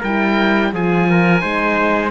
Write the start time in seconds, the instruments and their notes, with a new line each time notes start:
0.00 cello G3, horn E4, trumpet A#4, oboe G5
0.73 cello F3, horn F4, trumpet G#4, oboe G#5
1.10 trumpet A#4
1.40 cello G#3, horn D#4, trumpet C5